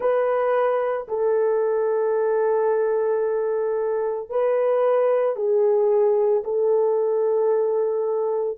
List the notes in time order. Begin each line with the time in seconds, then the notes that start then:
0.00 B4
1.08 A4
4.29 B4
5.36 G#4
6.43 A4